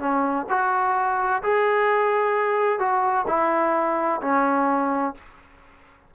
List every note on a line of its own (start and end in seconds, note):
0.00 0.47 C#4
0.49 1.42 F#4
1.43 2.79 G#4
2.79 3.26 F#4
3.28 4.21 E4
4.22 5.15 C#4